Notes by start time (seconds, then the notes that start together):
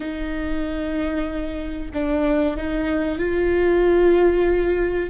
0.00 D#4
1.93 D4
2.56 D#4
3.18 F4